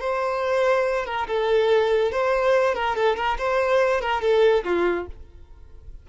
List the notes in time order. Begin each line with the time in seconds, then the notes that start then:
0.00 C5
1.06 A#4
1.27 A4
2.12 C5
2.74 A#4
2.95 A4
3.16 A#4
3.38 C5
4.01 A#4
4.21 A4
4.64 F4